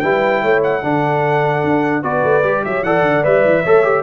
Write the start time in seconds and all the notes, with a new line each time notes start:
0.00 G3 E4 B4 G5
0.42 A3 C#5
0.63 F#5
0.82 D3 D4 A4
1.63 D4
2.03 B3 F#4 B4 D5
2.24 A3
2.43 G3 G4
2.65 F#3 C#5 E5
2.83 E3 A4 D5 F#5
3.02 D3
3.23 G3 B4 E5
3.44 E3
3.63 A3 A4 C#5
3.83 G4